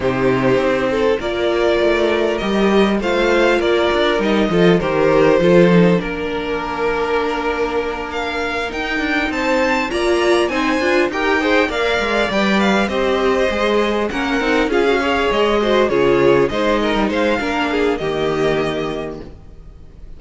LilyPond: <<
  \new Staff \with { instrumentName = "violin" } { \time 4/4 \tempo 4 = 100 c''2 d''2 | dis''4 f''4 d''4 dis''4 | c''2 ais'2~ | ais'4. f''4 g''4 a''8~ |
a''8 ais''4 gis''4 g''4 f''8~ | f''8 g''8 f''8 dis''2 fis''8~ | fis''8 f''4 dis''4 cis''4 dis''8~ | dis''8 f''4. dis''2 | }
  \new Staff \with { instrumentName = "violin" } { \time 4/4 g'4. a'8 ais'2~ | ais'4 c''4 ais'4. a'8 | ais'4 a'4 ais'2~ | ais'2.~ ais'8 c''8~ |
c''8 d''4 c''4 ais'8 c''8 d''8~ | d''4. c''2 ais'8~ | ais'8 gis'8 cis''4 c''8 gis'4 c''8 | ais'8 c''8 ais'8 gis'8 g'2 | }
  \new Staff \with { instrumentName = "viola" } { \time 4/4 dis'2 f'2 | g'4 f'2 dis'8 f'8 | g'4 f'8 dis'8 d'2~ | d'2~ d'8 dis'4.~ |
dis'8 f'4 dis'8 f'8 g'8 gis'8 ais'8~ | ais'8 b'4 g'4 gis'4 cis'8 | dis'8 f'16 fis'16 gis'4 fis'8 f'4 dis'8~ | dis'4 d'4 ais2 | }
  \new Staff \with { instrumentName = "cello" } { \time 4/4 c4 c'4 ais4 a4 | g4 a4 ais8 d'8 g8 f8 | dis4 f4 ais2~ | ais2~ ais8 dis'8 d'8 c'8~ |
c'8 ais4 c'8 d'8 dis'4 ais8 | gis8 g4 c'4 gis4 ais8 | c'8 cis'4 gis4 cis4 gis8~ | gis16 g16 gis8 ais4 dis2 | }
>>